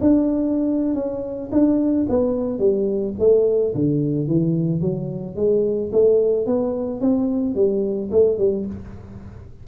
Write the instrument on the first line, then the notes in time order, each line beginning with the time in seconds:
tuba
0.00 D4
0.94 C#4
1.51 D4
2.08 B3
2.58 G3
3.19 A3
3.74 D3
4.27 E3
4.81 F#3
5.35 G#3
5.92 A3
6.46 B3
7.00 C4
7.55 G3
8.11 A3
8.38 G3